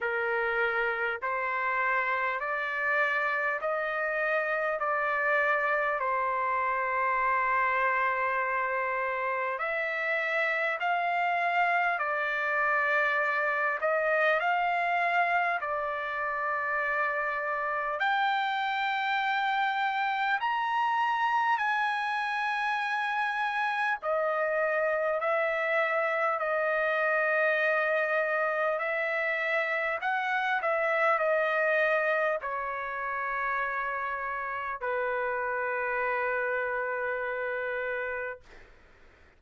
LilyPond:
\new Staff \with { instrumentName = "trumpet" } { \time 4/4 \tempo 4 = 50 ais'4 c''4 d''4 dis''4 | d''4 c''2. | e''4 f''4 d''4. dis''8 | f''4 d''2 g''4~ |
g''4 ais''4 gis''2 | dis''4 e''4 dis''2 | e''4 fis''8 e''8 dis''4 cis''4~ | cis''4 b'2. | }